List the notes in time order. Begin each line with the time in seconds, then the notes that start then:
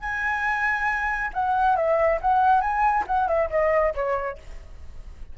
0.00 G#5
1.33 F#5
1.76 E5
2.21 F#5
2.60 G#5
3.07 F#5
3.27 E5
3.50 D#5
3.94 C#5